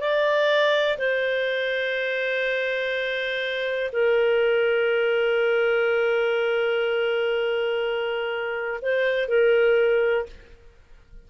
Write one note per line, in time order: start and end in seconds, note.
0.00 0.98 D5
0.98 3.91 C5
3.92 8.80 A#4
8.82 9.28 C5
9.28 10.26 A#4